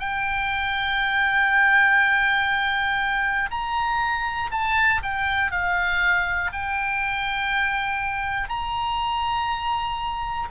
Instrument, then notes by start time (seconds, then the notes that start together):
oboe
0.00 G5
3.51 A#5
4.51 A5
5.04 G5
5.52 F5
6.53 G5
8.50 A#5